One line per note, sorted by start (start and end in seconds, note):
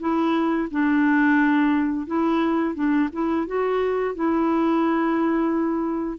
0.00 0.69 E4
0.71 2.07 D4
2.07 2.75 E4
2.75 3.09 D4
3.13 3.47 E4
3.47 4.16 F#4
4.16 6.19 E4